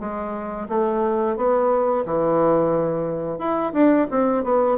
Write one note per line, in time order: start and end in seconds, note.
0.00 0.68 G#3
0.69 1.37 A3
1.37 2.05 B3
2.06 3.39 E3
3.39 3.73 E4
3.73 4.08 D4
4.11 4.44 C4
4.44 4.78 B3